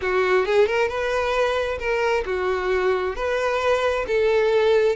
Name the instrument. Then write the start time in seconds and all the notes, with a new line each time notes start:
violin
0.01 F#4
0.45 G#4
0.66 A#4
0.88 B4
1.79 A#4
2.25 F#4
3.15 B4
4.07 A4